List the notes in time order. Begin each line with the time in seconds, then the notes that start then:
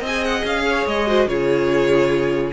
0.00 C4 D#5 G#5
0.06 G#4
0.24 F#5
0.44 C#4 F5
0.68 C#5
0.86 G#3 D#5
1.07 F#4 C5
1.26 C#3 F4 G#4 C#5